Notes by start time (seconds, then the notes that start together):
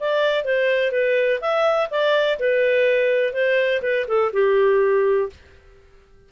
0.00 D5
0.45 C5
0.92 B4
1.41 E5
1.91 D5
2.39 B4
3.33 C5
3.82 B4
4.08 A4
4.33 G4